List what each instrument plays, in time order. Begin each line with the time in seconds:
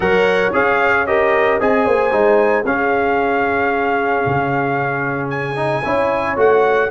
0.00 tuba F#3, trombone A#4, horn C#5, trumpet F#5
0.53 tuba C#4, trombone G#4, trumpet F5
1.06 trombone G4, horn A#4, trumpet D#5
1.60 tuba C4, trombone G#4, horn D#5, trumpet G#5
1.85 tuba A#3, horn C5
2.11 tuba G#3, trombone D#4
2.65 tuba C#4, trombone C#4, horn G#4, trumpet F5
4.25 tuba C#3
5.30 trumpet G#5
5.55 trombone D#4
5.83 tuba C#4, trombone E4, horn C#5
6.36 tuba A3, trombone F#4, trumpet F#5